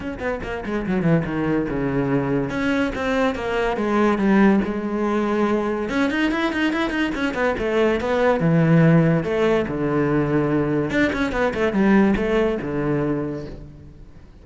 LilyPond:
\new Staff \with { instrumentName = "cello" } { \time 4/4 \tempo 4 = 143 cis'8 b8 ais8 gis8 fis8 e8 dis4 | cis2 cis'4 c'4 | ais4 gis4 g4 gis4~ | gis2 cis'8 dis'8 e'8 dis'8 |
e'8 dis'8 cis'8 b8 a4 b4 | e2 a4 d4~ | d2 d'8 cis'8 b8 a8 | g4 a4 d2 | }